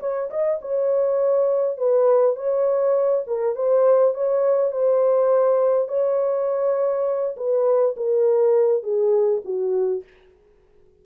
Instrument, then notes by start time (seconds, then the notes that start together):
horn
0.00 C#5
0.30 D#5
0.61 C#5
1.78 B4
2.36 C#5
3.27 A#4
3.56 C5
4.14 C#5
4.72 C5
5.89 C#5
7.37 B4
7.97 A#4
8.83 G#4
9.45 F#4